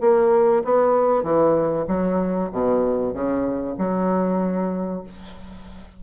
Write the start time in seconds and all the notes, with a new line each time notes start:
0.00 A#3
0.64 B3
1.23 E3
1.87 F#3
2.52 B2
3.13 C#3
3.78 F#3